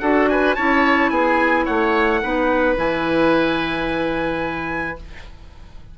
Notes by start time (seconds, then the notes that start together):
0.00 D4 F#4 A4 F#5
0.29 B4 G#5
0.56 C#4 E4 C#5 A5
1.10 B3 G#4 G#5
1.65 A3 C#5 F#5
2.22 B3 D#4 B4
2.76 E3 E4 G#5